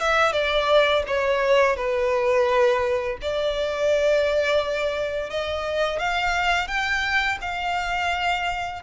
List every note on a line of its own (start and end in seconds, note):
0.00 0.33 E5
0.33 1.03 D5
1.07 1.76 C#5
1.76 3.18 B4
3.22 5.30 D5
5.30 5.99 D#5
5.99 6.68 F5
6.68 7.38 G5
7.41 8.82 F5